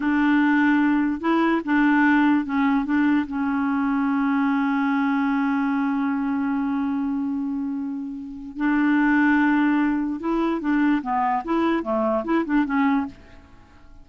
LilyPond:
\new Staff \with { instrumentName = "clarinet" } { \time 4/4 \tempo 4 = 147 d'2. e'4 | d'2 cis'4 d'4 | cis'1~ | cis'1~ |
cis'1~ | cis'4 d'2.~ | d'4 e'4 d'4 b4 | e'4 a4 e'8 d'8 cis'4 | }